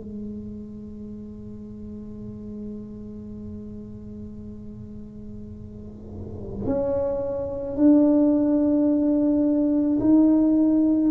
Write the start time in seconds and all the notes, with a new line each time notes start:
0.00 G#3
6.66 C#4
7.77 D4
10.00 D#4